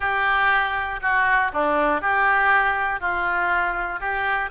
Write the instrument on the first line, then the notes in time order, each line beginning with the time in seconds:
oboe
0.00 G4
1.01 F#4
1.52 D4
2.01 G4
3.00 F4
4.00 G4